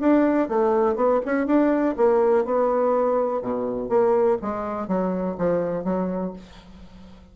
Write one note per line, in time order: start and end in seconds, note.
0.00 0.48 D4
0.48 0.95 A3
0.95 1.20 B3
1.25 1.46 C#4
1.46 1.95 D4
1.97 2.45 A#3
2.45 3.42 B3
3.42 3.89 B2
3.89 4.37 A#3
4.42 4.87 G#3
4.87 5.36 F#3
5.37 5.84 F3
5.84 6.33 F#3